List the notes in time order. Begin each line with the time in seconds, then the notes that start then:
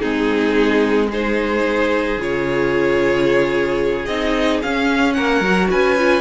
0.00 G#3 C4 D#4 G#4
1.10 D#4 G#4 C5
2.17 C#3 F4 C#5
4.06 C4 D#4 D#5
4.62 C#4 F5
5.13 A#3 A#4 F#5
5.40 F#3 F#4
5.70 C#4 B4 G#5
5.98 F4